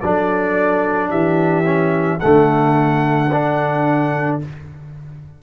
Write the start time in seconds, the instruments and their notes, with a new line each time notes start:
0.00 tuba F#3, trombone D4, horn A4, trumpet D5
1.09 tuba E3, horn G4, trumpet E5
1.65 trombone C#4
2.19 tuba D3, trombone A3, horn A4, trumpet F#5
3.32 trombone D4